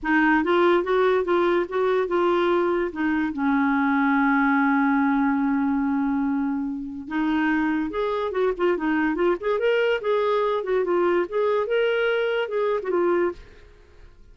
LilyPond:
\new Staff \with { instrumentName = "clarinet" } { \time 4/4 \tempo 4 = 144 dis'4 f'4 fis'4 f'4 | fis'4 f'2 dis'4 | cis'1~ | cis'1~ |
cis'4 dis'2 gis'4 | fis'8 f'8 dis'4 f'8 gis'8 ais'4 | gis'4. fis'8 f'4 gis'4 | ais'2 gis'8. fis'16 f'4 | }